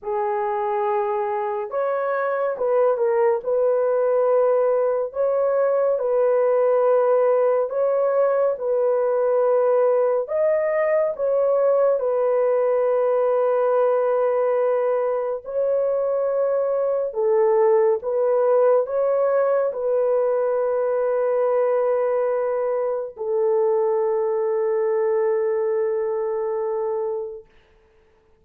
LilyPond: \new Staff \with { instrumentName = "horn" } { \time 4/4 \tempo 4 = 70 gis'2 cis''4 b'8 ais'8 | b'2 cis''4 b'4~ | b'4 cis''4 b'2 | dis''4 cis''4 b'2~ |
b'2 cis''2 | a'4 b'4 cis''4 b'4~ | b'2. a'4~ | a'1 | }